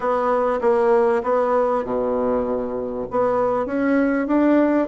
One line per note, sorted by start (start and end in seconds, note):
0.00 0.60 B3
0.61 1.22 A#3
1.23 1.84 B3
1.84 3.06 B2
3.10 3.66 B3
3.66 4.27 C#4
4.27 4.88 D4